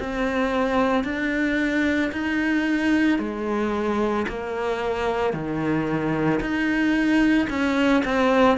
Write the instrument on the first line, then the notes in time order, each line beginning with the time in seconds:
cello
0.00 C4
1.04 D4
2.12 D#4
3.19 G#3
4.28 A#3
5.33 D#3
6.41 D#4
7.50 C#4
8.06 C4